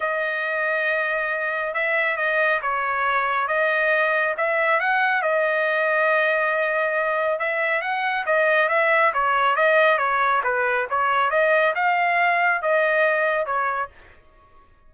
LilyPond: \new Staff \with { instrumentName = "trumpet" } { \time 4/4 \tempo 4 = 138 dis''1 | e''4 dis''4 cis''2 | dis''2 e''4 fis''4 | dis''1~ |
dis''4 e''4 fis''4 dis''4 | e''4 cis''4 dis''4 cis''4 | b'4 cis''4 dis''4 f''4~ | f''4 dis''2 cis''4 | }